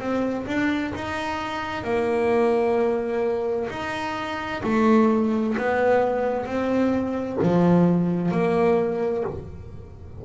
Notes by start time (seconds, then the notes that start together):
0.00 C4
0.47 D4
0.95 D#4
1.84 A#3
3.70 D#4
4.64 A3
5.58 B3
6.46 C4
7.42 F3
8.32 A#3